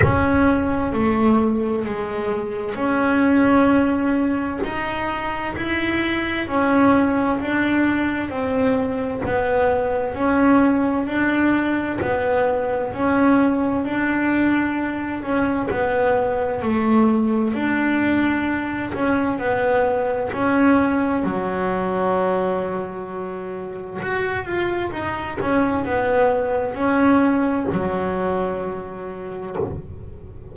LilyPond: \new Staff \with { instrumentName = "double bass" } { \time 4/4 \tempo 4 = 65 cis'4 a4 gis4 cis'4~ | cis'4 dis'4 e'4 cis'4 | d'4 c'4 b4 cis'4 | d'4 b4 cis'4 d'4~ |
d'8 cis'8 b4 a4 d'4~ | d'8 cis'8 b4 cis'4 fis4~ | fis2 fis'8 f'8 dis'8 cis'8 | b4 cis'4 fis2 | }